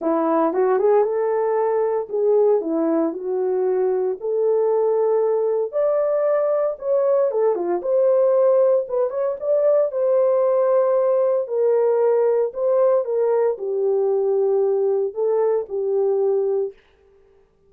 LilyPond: \new Staff \with { instrumentName = "horn" } { \time 4/4 \tempo 4 = 115 e'4 fis'8 gis'8 a'2 | gis'4 e'4 fis'2 | a'2. d''4~ | d''4 cis''4 a'8 f'8 c''4~ |
c''4 b'8 cis''8 d''4 c''4~ | c''2 ais'2 | c''4 ais'4 g'2~ | g'4 a'4 g'2 | }